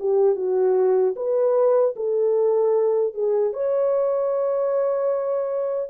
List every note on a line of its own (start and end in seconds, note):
0.00 0.36 G4
0.36 1.15 F#4
1.16 1.95 B4
1.97 3.14 A4
3.14 3.54 G#4
3.54 5.90 C#5